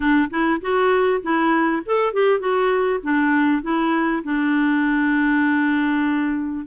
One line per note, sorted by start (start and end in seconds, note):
0.00 0.29 D4
0.30 0.60 E4
0.61 1.21 F#4
1.22 1.83 E4
1.85 2.13 A4
2.13 2.39 G4
2.39 3.00 F#4
3.02 3.62 D4
3.62 4.23 E4
4.23 6.66 D4